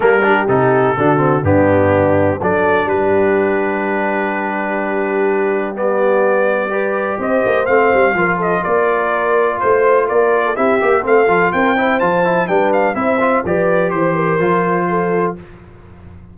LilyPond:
<<
  \new Staff \with { instrumentName = "trumpet" } { \time 4/4 \tempo 4 = 125 ais'4 a'2 g'4~ | g'4 d''4 b'2~ | b'1 | d''2. dis''4 |
f''4. dis''8 d''2 | c''4 d''4 e''4 f''4 | g''4 a''4 g''8 f''8 e''4 | d''4 c''2. | }
  \new Staff \with { instrumentName = "horn" } { \time 4/4 a'8 g'4. fis'4 d'4~ | d'4 a'4 g'2~ | g'1~ | g'2 b'4 c''4~ |
c''4 ais'8 a'8 ais'2 | c''4 ais'8. a'16 g'4 a'4 | ais'8 c''4. b'4 c''4 | b'4 c''8 ais'4. a'4 | }
  \new Staff \with { instrumentName = "trombone" } { \time 4/4 ais8 d'8 dis'4 d'8 c'8 b4~ | b4 d'2.~ | d'1 | b2 g'2 |
c'4 f'2.~ | f'2 e'8 g'8 c'8 f'8~ | f'8 e'8 f'8 e'8 d'4 e'8 f'8 | g'2 f'2 | }
  \new Staff \with { instrumentName = "tuba" } { \time 4/4 g4 c4 d4 g,4~ | g,4 fis4 g2~ | g1~ | g2. c'8 ais8 |
a8 g8 f4 ais2 | a4 ais4 c'8 ais8 a8 f8 | c'4 f4 g4 c'4 | f4 e4 f2 | }
>>